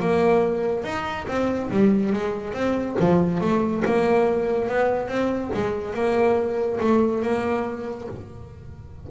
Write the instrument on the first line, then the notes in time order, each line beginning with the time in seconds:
double bass
0.00 A#3
0.84 D#4
1.28 C4
1.70 G3
2.13 G#3
2.54 C4
3.00 F3
3.41 A3
3.85 A#3
4.69 B3
5.08 C4
5.54 G#3
5.94 A#3
6.80 A3
7.22 A#3